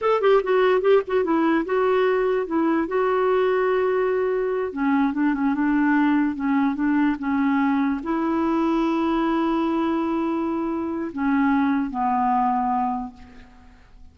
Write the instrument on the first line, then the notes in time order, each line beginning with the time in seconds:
clarinet
0.01 A4
0.21 G4
0.43 F#4
0.81 G4
1.07 F#4
1.23 E4
1.65 F#4
2.46 E4
2.87 F#4
4.72 C#4
5.13 D4
5.33 C#4
5.54 D4
6.35 C#4
6.75 D4
7.18 C#4
8.03 E4
11.12 C#4
11.90 B3